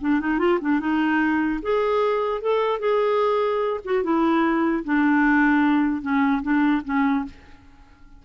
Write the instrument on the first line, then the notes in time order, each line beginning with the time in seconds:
clarinet
0.00 D4
0.20 D#4
0.38 F4
0.61 D4
0.79 D#4
1.62 G#4
2.41 A4
2.79 G#4
3.84 F#4
4.03 E4
4.84 D4
6.01 C#4
6.42 D4
6.84 C#4